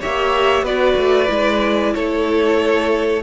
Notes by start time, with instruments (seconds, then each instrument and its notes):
0.00 cello A#3, viola G4, violin C#5 E5
0.62 cello B3, viola F#4, violin B4 D5
0.97 cello A3
1.28 cello G#3, viola E4
1.94 cello A3, violin A4 C#5